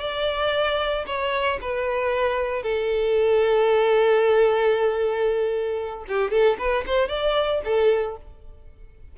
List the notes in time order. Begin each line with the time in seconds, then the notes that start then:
0.00 D5
1.06 C#5
1.61 B4
2.63 A4
6.08 G4
6.31 A4
6.58 B4
6.86 C5
7.09 D5
7.64 A4